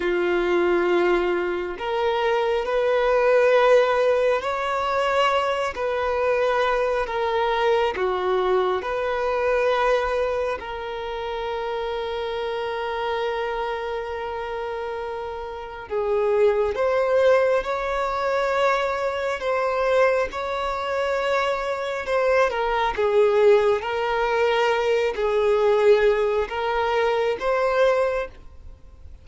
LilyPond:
\new Staff \with { instrumentName = "violin" } { \time 4/4 \tempo 4 = 68 f'2 ais'4 b'4~ | b'4 cis''4. b'4. | ais'4 fis'4 b'2 | ais'1~ |
ais'2 gis'4 c''4 | cis''2 c''4 cis''4~ | cis''4 c''8 ais'8 gis'4 ais'4~ | ais'8 gis'4. ais'4 c''4 | }